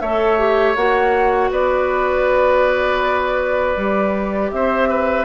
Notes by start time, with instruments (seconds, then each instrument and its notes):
0.00 bassoon A3, clarinet A4, oboe C#5, flute E5
0.38 clarinet G4
0.75 bassoon A#3, clarinet F#4, flute F#5
1.51 bassoon B3, oboe B4, flute D5
3.77 bassoon G3, clarinet G4
4.51 bassoon C4, oboe C5, flute E5
4.89 oboe B4